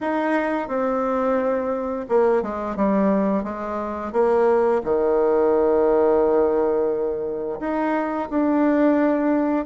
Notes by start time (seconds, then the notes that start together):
0.00 D#4
0.67 C4
2.08 A#3
2.42 G#3
2.76 G3
3.43 G#3
4.12 A#3
4.83 D#3
7.60 D#4
8.29 D4